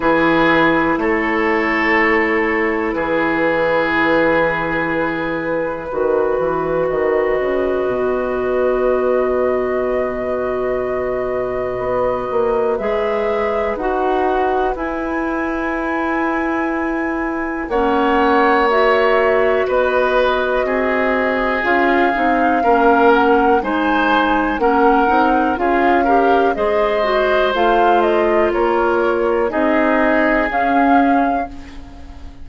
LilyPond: <<
  \new Staff \with { instrumentName = "flute" } { \time 4/4 \tempo 4 = 61 b'4 cis''2 b'4~ | b'2. dis''4~ | dis''1~ | dis''4 e''4 fis''4 gis''4~ |
gis''2 fis''4 e''4 | dis''2 f''4. fis''8 | gis''4 fis''4 f''4 dis''4 | f''8 dis''8 cis''4 dis''4 f''4 | }
  \new Staff \with { instrumentName = "oboe" } { \time 4/4 gis'4 a'2 gis'4~ | gis'2 b'2~ | b'1~ | b'1~ |
b'2 cis''2 | b'4 gis'2 ais'4 | c''4 ais'4 gis'8 ais'8 c''4~ | c''4 ais'4 gis'2 | }
  \new Staff \with { instrumentName = "clarinet" } { \time 4/4 e'1~ | e'2 fis'2~ | fis'1~ | fis'4 gis'4 fis'4 e'4~ |
e'2 cis'4 fis'4~ | fis'2 f'8 dis'8 cis'4 | dis'4 cis'8 dis'8 f'8 g'8 gis'8 fis'8 | f'2 dis'4 cis'4 | }
  \new Staff \with { instrumentName = "bassoon" } { \time 4/4 e4 a2 e4~ | e2 dis8 e8 dis8 cis8 | b,1 | b8 ais8 gis4 dis'4 e'4~ |
e'2 ais2 | b4 c'4 cis'8 c'8 ais4 | gis4 ais8 c'8 cis'4 gis4 | a4 ais4 c'4 cis'4 | }
>>